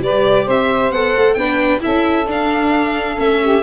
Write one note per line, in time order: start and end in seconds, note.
0.00 0.45 G3
0.00 0.46 B4
0.00 0.48 D5
0.06 0.95 G4
0.46 0.92 C4
0.46 1.36 C5
0.46 0.92 E5
0.92 1.14 B3
0.92 1.39 A4
0.92 1.34 F#5
1.17 1.36 A3
1.34 1.81 B3
1.34 1.80 D4
1.34 1.83 B4
1.34 1.80 G5
1.80 2.25 E4
1.80 3.42 A4
1.80 2.28 E5
1.86 2.28 C#4
2.28 3.18 D4
2.28 3.17 D4
2.28 3.20 F5
3.17 3.63 A3
3.17 3.62 C#4
3.17 3.63 E5
3.42 3.63 G4